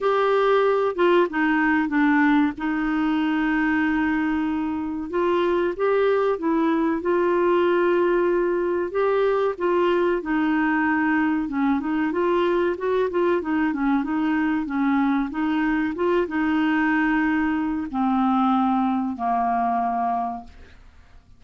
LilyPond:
\new Staff \with { instrumentName = "clarinet" } { \time 4/4 \tempo 4 = 94 g'4. f'8 dis'4 d'4 | dis'1 | f'4 g'4 e'4 f'4~ | f'2 g'4 f'4 |
dis'2 cis'8 dis'8 f'4 | fis'8 f'8 dis'8 cis'8 dis'4 cis'4 | dis'4 f'8 dis'2~ dis'8 | c'2 ais2 | }